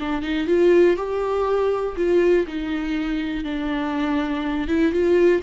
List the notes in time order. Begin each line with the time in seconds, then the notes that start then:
0.00 D4
0.22 D#4
0.47 F4
0.97 G4
1.97 F4
2.47 D#4
3.45 D4
4.68 E4
4.92 F4